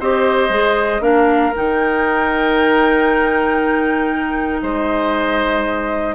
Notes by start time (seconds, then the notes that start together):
0.00 C4 G4 C5 D#5
0.49 G#3 G#4
1.00 A#3 D4 A#4 F5
1.56 D#3 D#4 G5
4.62 G#3 C5 D#5